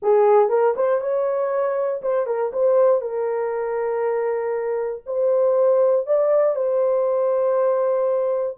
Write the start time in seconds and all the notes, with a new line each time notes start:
0.02 G#4
0.49 A#4
0.75 C5
1.00 C#5
2.02 C5
2.26 A#4
2.52 C5
3.01 A#4
5.06 C5
6.06 D5
6.55 C5